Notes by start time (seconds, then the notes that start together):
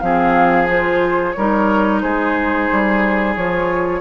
0.00 F3 C4 G#4 F5
0.67 F4 C5
1.32 G3 A#4 C#5
1.39 D#4
2.01 G#3 G#4 C5
2.71 G3
3.36 F3 F4 C#5